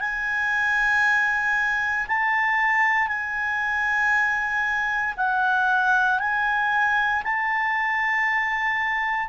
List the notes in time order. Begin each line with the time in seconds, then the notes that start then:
0.00 G#5
2.08 A5
3.08 G#5
5.17 F#5
6.20 G#5
7.24 A5